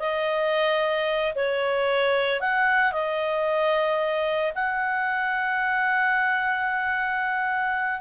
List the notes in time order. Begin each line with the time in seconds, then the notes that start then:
0.00 D#5
1.36 C#5
2.41 F#5
2.93 D#5
4.55 F#5